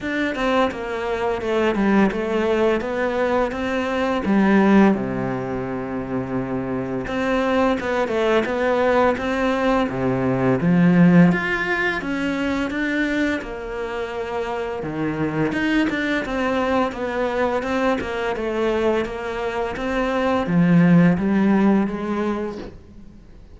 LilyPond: \new Staff \with { instrumentName = "cello" } { \time 4/4 \tempo 4 = 85 d'8 c'8 ais4 a8 g8 a4 | b4 c'4 g4 c4~ | c2 c'4 b8 a8 | b4 c'4 c4 f4 |
f'4 cis'4 d'4 ais4~ | ais4 dis4 dis'8 d'8 c'4 | b4 c'8 ais8 a4 ais4 | c'4 f4 g4 gis4 | }